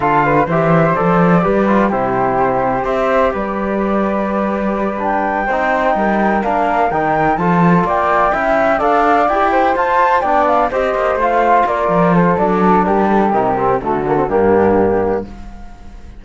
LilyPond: <<
  \new Staff \with { instrumentName = "flute" } { \time 4/4 \tempo 4 = 126 f''4 e''4 d''2 | c''2 e''4 d''4~ | d''2~ d''8 g''4.~ | g''4. f''4 g''4 a''8~ |
a''8 g''2 f''4 g''8~ | g''8 a''4 g''8 f''8 dis''4 f''8~ | f''8 d''4 c''8 d''4 ais'8 a'8 | ais'4 a'4 g'2 | }
  \new Staff \with { instrumentName = "flute" } { \time 4/4 a'8 b'8 c''2 b'4 | g'2 c''4 b'4~ | b'2.~ b'8 c''8~ | c''8 ais'2. a'8~ |
a'8 d''4 e''4 d''4. | c''4. d''4 c''4.~ | c''8 ais'4 a'4. g'4~ | g'4 fis'4 d'2 | }
  \new Staff \with { instrumentName = "trombone" } { \time 4/4 f'4 g'4 a'4 g'8 f'8 | e'2 g'2~ | g'2~ g'8 d'4 dis'8~ | dis'4. d'4 dis'4 f'8~ |
f'4. e'4 a'4 g'8~ | g'8 f'4 d'4 g'4 f'8~ | f'2 d'2 | dis'8 c'8 a8 ais16 c'16 ais2 | }
  \new Staff \with { instrumentName = "cello" } { \time 4/4 d4 e4 f4 g4 | c2 c'4 g4~ | g2.~ g8 c'8~ | c'8 g4 ais4 dis4 f8~ |
f8 ais4 cis'4 d'4 e'8~ | e'8 f'4 b4 c'8 ais8 a8~ | a8 ais8 f4 fis4 g4 | c4 d4 g,2 | }
>>